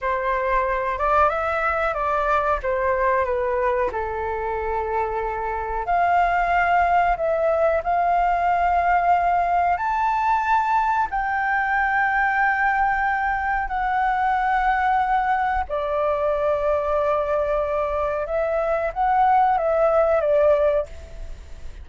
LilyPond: \new Staff \with { instrumentName = "flute" } { \time 4/4 \tempo 4 = 92 c''4. d''8 e''4 d''4 | c''4 b'4 a'2~ | a'4 f''2 e''4 | f''2. a''4~ |
a''4 g''2.~ | g''4 fis''2. | d''1 | e''4 fis''4 e''4 d''4 | }